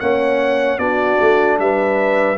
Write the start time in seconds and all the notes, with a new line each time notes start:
0.00 A#3 C#4 C#5 F#5
0.78 B3 D4 F#4 D5
1.21 A3
1.60 G3 B4 E5